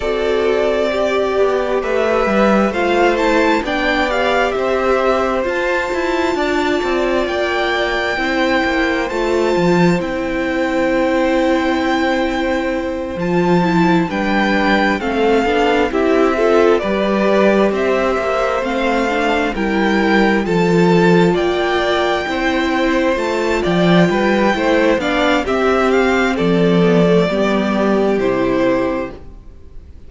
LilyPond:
<<
  \new Staff \with { instrumentName = "violin" } { \time 4/4 \tempo 4 = 66 d''2 e''4 f''8 a''8 | g''8 f''8 e''4 a''2 | g''2 a''4 g''4~ | g''2~ g''8 a''4 g''8~ |
g''8 f''4 e''4 d''4 e''8~ | e''8 f''4 g''4 a''4 g''8~ | g''4. a''8 g''4. f''8 | e''8 f''8 d''2 c''4 | }
  \new Staff \with { instrumentName = "violin" } { \time 4/4 a'4 g'4 b'4 c''4 | d''4 c''2 d''4~ | d''4 c''2.~ | c''2.~ c''8 b'8~ |
b'8 a'4 g'8 a'8 b'4 c''8~ | c''4. ais'4 a'4 d''8~ | d''8 c''4. d''8 b'8 c''8 d''8 | g'4 a'4 g'2 | }
  \new Staff \with { instrumentName = "viola" } { \time 4/4 fis'4 g'2 f'8 e'8 | d'8 g'4. f'2~ | f'4 e'4 f'4 e'4~ | e'2~ e'8 f'8 e'8 d'8~ |
d'8 c'8 d'8 e'8 f'8 g'4.~ | g'8 c'8 d'8 e'4 f'4.~ | f'8 e'4 f'4. e'8 d'8 | c'4. b16 a16 b4 e'4 | }
  \new Staff \with { instrumentName = "cello" } { \time 4/4 c'4. b8 a8 g8 a4 | b4 c'4 f'8 e'8 d'8 c'8 | ais4 c'8 ais8 a8 f8 c'4~ | c'2~ c'8 f4 g8~ |
g8 a8 b8 c'4 g4 c'8 | ais8 a4 g4 f4 ais8~ | ais8 c'4 a8 f8 g8 a8 b8 | c'4 f4 g4 c4 | }
>>